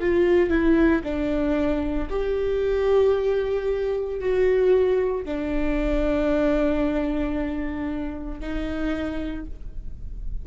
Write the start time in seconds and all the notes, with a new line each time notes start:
0.00 F4
0.49 E4
1.03 D4
2.09 G4
4.20 F#4
5.24 D4
8.40 D#4